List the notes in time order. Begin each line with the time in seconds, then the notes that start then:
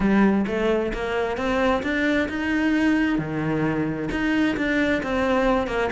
0.00 G3
0.47 A3
0.93 A#3
1.37 C4
1.82 D4
2.28 D#4
3.18 D#3
4.11 D#4
4.56 D4
5.02 C4
5.67 A#3